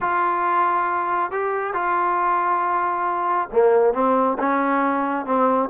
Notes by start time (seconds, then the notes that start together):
0.01 F4
1.31 G4
1.73 F4
3.52 A#3
3.93 C4
4.39 C#4
5.25 C4